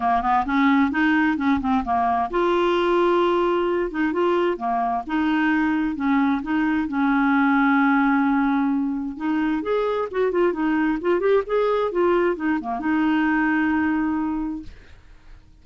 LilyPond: \new Staff \with { instrumentName = "clarinet" } { \time 4/4 \tempo 4 = 131 ais8 b8 cis'4 dis'4 cis'8 c'8 | ais4 f'2.~ | f'8 dis'8 f'4 ais4 dis'4~ | dis'4 cis'4 dis'4 cis'4~ |
cis'1 | dis'4 gis'4 fis'8 f'8 dis'4 | f'8 g'8 gis'4 f'4 dis'8 ais8 | dis'1 | }